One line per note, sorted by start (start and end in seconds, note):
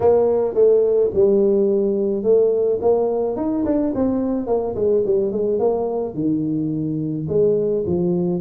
0.00 0.54 A#3
0.54 1.10 A3
1.14 2.23 G3
2.23 2.79 A3
2.81 3.36 A#3
3.36 3.64 D#4
3.64 3.93 D4
3.94 4.47 C4
4.47 4.75 A#3
4.75 5.03 G#3
5.05 5.31 G3
5.31 5.59 G#3
5.59 6.14 A#3
6.14 7.26 D#3
7.28 7.84 G#3
7.86 8.41 F3